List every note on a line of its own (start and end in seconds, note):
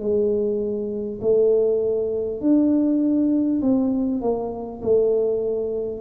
0.00 1.20 G#3
1.22 2.41 A3
2.41 3.61 D4
3.62 4.22 C4
4.22 4.82 A#3
4.82 6.01 A3